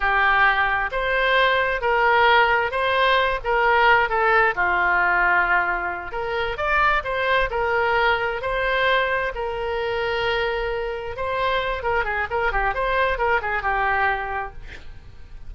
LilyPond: \new Staff \with { instrumentName = "oboe" } { \time 4/4 \tempo 4 = 132 g'2 c''2 | ais'2 c''4. ais'8~ | ais'4 a'4 f'2~ | f'4. ais'4 d''4 c''8~ |
c''8 ais'2 c''4.~ | c''8 ais'2.~ ais'8~ | ais'8 c''4. ais'8 gis'8 ais'8 g'8 | c''4 ais'8 gis'8 g'2 | }